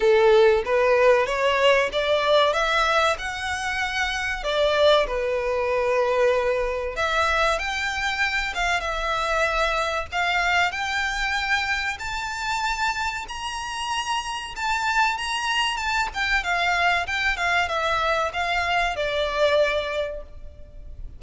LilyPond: \new Staff \with { instrumentName = "violin" } { \time 4/4 \tempo 4 = 95 a'4 b'4 cis''4 d''4 | e''4 fis''2 d''4 | b'2. e''4 | g''4. f''8 e''2 |
f''4 g''2 a''4~ | a''4 ais''2 a''4 | ais''4 a''8 g''8 f''4 g''8 f''8 | e''4 f''4 d''2 | }